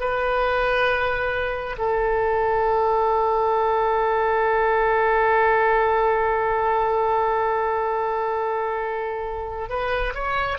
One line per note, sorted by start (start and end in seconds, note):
0.00 1.76 B4
1.78 9.69 A4
9.69 10.14 B4
10.14 10.58 C#5